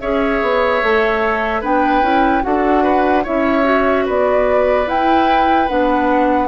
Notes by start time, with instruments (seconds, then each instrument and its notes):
0.00 bassoon C#4, clarinet G#4, oboe C#5, flute E5
0.42 bassoon B3
0.82 bassoon A3, clarinet A4
1.61 bassoon B3, clarinet D4, oboe B4, flute G5
2.02 bassoon C#4, clarinet E4
2.42 bassoon D4, clarinet F#4, oboe A4, flute F#5
2.83 oboe B4
3.23 bassoon C#4, clarinet E4, oboe C#5, flute E5
3.63 clarinet F#4
4.05 bassoon B3, oboe B4, flute D5
4.86 clarinet E4, bassoon E4, flute G5
5.68 bassoon B3, clarinet D4, flute F#5